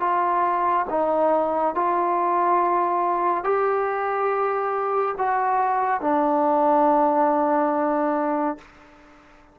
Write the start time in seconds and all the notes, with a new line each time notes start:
0.00 F4
0.90 D#4
1.75 F4
3.44 G4
5.18 F#4
6.00 D4